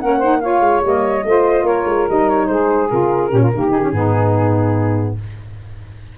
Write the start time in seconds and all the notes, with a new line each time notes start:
0.00 A#3 C#4 A#4 F#5
0.17 D#4 C5
0.40 F4 C#5 F5
0.60 G#3
0.82 G3 A#3 D#5
1.25 A3 F4 C5
1.63 A#3 A#4 C#5
1.86 G#3
2.09 G3 D#4 D#5
2.29 C#5
2.47 G#3 G#4 C5
2.89 C#3 F4 A#4
3.30 A#2 C#4 G4
3.41 F4
3.55 D#3 A#3 G4
3.70 D#4 G#4
3.82 C#4
3.92 G#2 B3 D#4